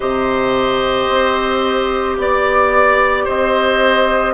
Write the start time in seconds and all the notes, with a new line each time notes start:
0.00 C3 G4 C5 D#5
1.08 C4
2.17 B3 D5
3.24 C4 C5 D#5